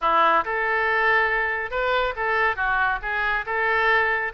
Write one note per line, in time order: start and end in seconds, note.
0.01 0.44 E4
0.44 1.70 A4
1.70 2.13 B4
2.16 2.56 A4
2.56 2.99 F#4
3.02 3.45 G#4
3.46 4.32 A4